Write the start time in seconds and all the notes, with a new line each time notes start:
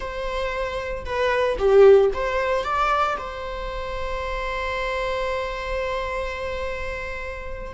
0.00 C5
1.05 B4
1.58 G4
2.13 C5
2.64 D5
3.17 C5